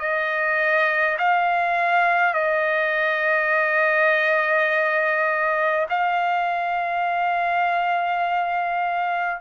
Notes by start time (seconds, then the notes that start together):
0.00 D#5
1.19 F5
2.34 D#5
5.90 F5